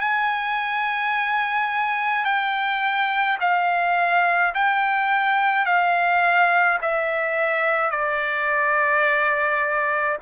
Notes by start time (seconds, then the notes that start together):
0.00 G#5
2.25 G5
3.40 F5
4.54 G5
5.66 F5
6.81 E5
7.91 D5